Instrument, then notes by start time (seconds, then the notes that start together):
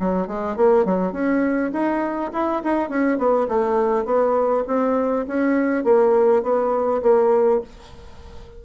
bassoon
0.00 F#3
0.28 G#3
0.57 A#3
0.86 F#3
1.13 C#4
1.73 D#4
2.33 E4
2.64 D#4
2.90 C#4
3.18 B3
3.49 A3
4.06 B3
4.68 C4
5.28 C#4
5.84 A#3
6.43 B3
7.03 A#3